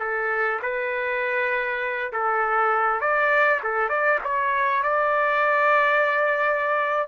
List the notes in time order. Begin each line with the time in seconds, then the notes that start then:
0.00 A4
0.62 B4
2.13 A4
3.01 D5
3.63 A4
3.89 D5
4.24 C#5
4.83 D5